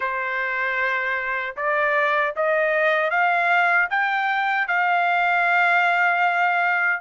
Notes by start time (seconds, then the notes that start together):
0.00 C5
1.56 D5
2.36 D#5
3.10 F5
3.90 G5
4.67 F5